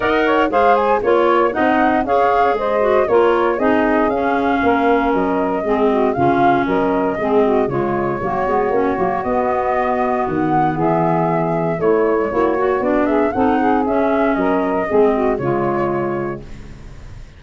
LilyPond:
<<
  \new Staff \with { instrumentName = "flute" } { \time 4/4 \tempo 4 = 117 fis''4 f''8 gis''8 cis''4 fis''4 | f''4 dis''4 cis''4 dis''4 | f''2 dis''2 | f''4 dis''2 cis''4~ |
cis''2 dis''2 | fis''4 e''2 cis''4~ | cis''4 d''8 e''8 fis''4 e''4 | dis''2 cis''2 | }
  \new Staff \with { instrumentName = "saxophone" } { \time 4/4 dis''8 cis''8 c''4 cis''4 dis''4 | cis''4 c''4 ais'4 gis'4~ | gis'4 ais'2 gis'8 fis'8 | f'4 ais'4 gis'8 fis'8 f'4 |
fis'1~ | fis'4 gis'2 e'4 | fis'4. gis'8 a'8 gis'4. | ais'4 gis'8 fis'8 f'2 | }
  \new Staff \with { instrumentName = "clarinet" } { \time 4/4 ais'4 gis'4 f'4 dis'4 | gis'4. fis'8 f'4 dis'4 | cis'2. c'4 | cis'2 c'4 gis4 |
ais8 b8 cis'8 ais8 b2~ | b2. a8. gis16 | e'8 fis'8 d'4 dis'4 cis'4~ | cis'4 c'4 gis2 | }
  \new Staff \with { instrumentName = "tuba" } { \time 4/4 dis'4 gis4 ais4 c'4 | cis'4 gis4 ais4 c'4 | cis'4 ais4 fis4 gis4 | cis4 fis4 gis4 cis4 |
fis8 gis8 ais8 fis8 b2 | dis4 e2 a4 | ais4 b4 c'4 cis'4 | fis4 gis4 cis2 | }
>>